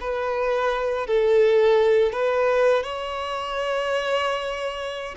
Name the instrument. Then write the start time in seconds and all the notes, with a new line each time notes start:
violin
0.00 B4
1.07 A4
2.12 B4
2.83 C#5